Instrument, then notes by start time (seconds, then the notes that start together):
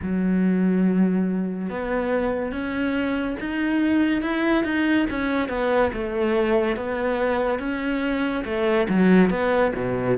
cello
0.02 F#3
1.69 B3
2.51 C#4
3.40 D#4
4.21 E4
4.64 D#4
5.10 C#4
5.49 B3
5.93 A3
6.76 B3
7.59 C#4
8.45 A3
8.88 F#3
9.30 B3
9.75 B2